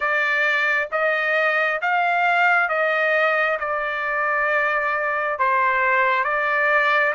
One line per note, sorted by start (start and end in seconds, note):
0.00 0.88 D5
0.91 1.81 D#5
1.81 2.68 F5
2.68 3.58 D#5
3.59 5.38 D5
5.38 6.24 C5
6.24 7.13 D5